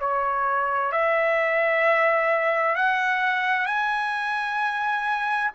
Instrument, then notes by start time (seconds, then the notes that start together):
trumpet
0.00 C#5
0.92 E5
2.76 F#5
3.66 G#5